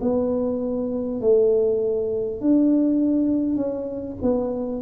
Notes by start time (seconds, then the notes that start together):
0.00 B3
1.20 A3
2.41 D4
3.56 C#4
4.22 B3